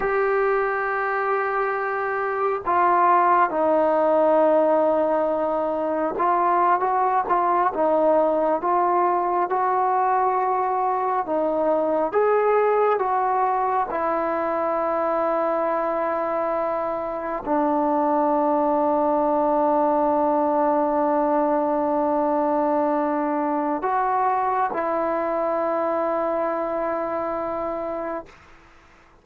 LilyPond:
\new Staff \with { instrumentName = "trombone" } { \time 4/4 \tempo 4 = 68 g'2. f'4 | dis'2. f'8. fis'16~ | fis'16 f'8 dis'4 f'4 fis'4~ fis'16~ | fis'8. dis'4 gis'4 fis'4 e'16~ |
e'2.~ e'8. d'16~ | d'1~ | d'2. fis'4 | e'1 | }